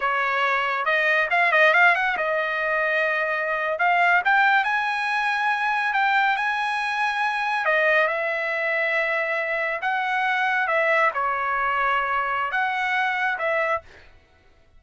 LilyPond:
\new Staff \with { instrumentName = "trumpet" } { \time 4/4 \tempo 4 = 139 cis''2 dis''4 f''8 dis''8 | f''8 fis''8 dis''2.~ | dis''8. f''4 g''4 gis''4~ gis''16~ | gis''4.~ gis''16 g''4 gis''4~ gis''16~ |
gis''4.~ gis''16 dis''4 e''4~ e''16~ | e''2~ e''8. fis''4~ fis''16~ | fis''8. e''4 cis''2~ cis''16~ | cis''4 fis''2 e''4 | }